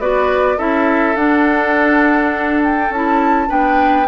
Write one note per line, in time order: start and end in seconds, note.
0.00 0.58 B3
0.00 0.58 F#4
0.00 0.58 B4
0.00 0.59 D5
0.58 1.16 C#4
0.58 1.16 E4
0.58 3.49 A4
0.58 1.16 E5
1.16 2.90 D4
1.16 2.91 D4
1.16 2.62 F#5
2.64 2.93 G5
2.90 3.48 C#4
2.90 3.48 E4
2.90 3.51 A5
3.48 4.09 B3
3.48 4.06 D4
3.48 4.07 B4
3.48 4.09 G5